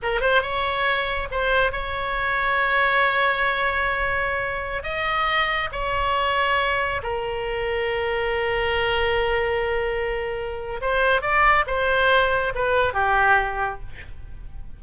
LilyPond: \new Staff \with { instrumentName = "oboe" } { \time 4/4 \tempo 4 = 139 ais'8 c''8 cis''2 c''4 | cis''1~ | cis''2.~ cis''16 dis''8.~ | dis''4~ dis''16 cis''2~ cis''8.~ |
cis''16 ais'2.~ ais'8.~ | ais'1~ | ais'4 c''4 d''4 c''4~ | c''4 b'4 g'2 | }